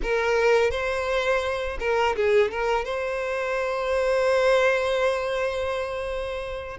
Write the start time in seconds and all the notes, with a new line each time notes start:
0.02 A#4
0.70 C5
1.79 A#4
2.16 G#4
2.51 A#4
2.84 C5